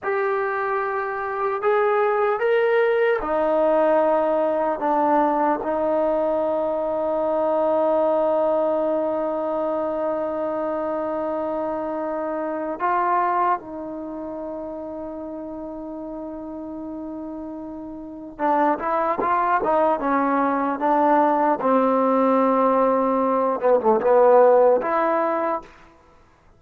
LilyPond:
\new Staff \with { instrumentName = "trombone" } { \time 4/4 \tempo 4 = 75 g'2 gis'4 ais'4 | dis'2 d'4 dis'4~ | dis'1~ | dis'1 |
f'4 dis'2.~ | dis'2. d'8 e'8 | f'8 dis'8 cis'4 d'4 c'4~ | c'4. b16 a16 b4 e'4 | }